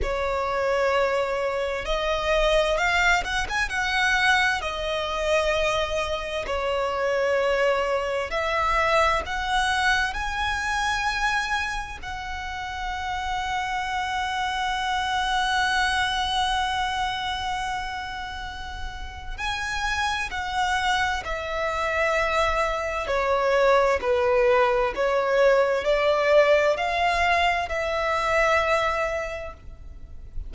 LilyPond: \new Staff \with { instrumentName = "violin" } { \time 4/4 \tempo 4 = 65 cis''2 dis''4 f''8 fis''16 gis''16 | fis''4 dis''2 cis''4~ | cis''4 e''4 fis''4 gis''4~ | gis''4 fis''2.~ |
fis''1~ | fis''4 gis''4 fis''4 e''4~ | e''4 cis''4 b'4 cis''4 | d''4 f''4 e''2 | }